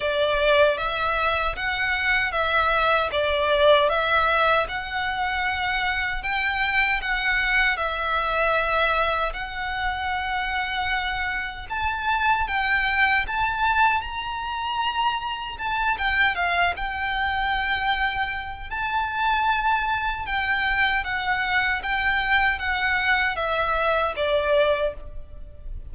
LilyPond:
\new Staff \with { instrumentName = "violin" } { \time 4/4 \tempo 4 = 77 d''4 e''4 fis''4 e''4 | d''4 e''4 fis''2 | g''4 fis''4 e''2 | fis''2. a''4 |
g''4 a''4 ais''2 | a''8 g''8 f''8 g''2~ g''8 | a''2 g''4 fis''4 | g''4 fis''4 e''4 d''4 | }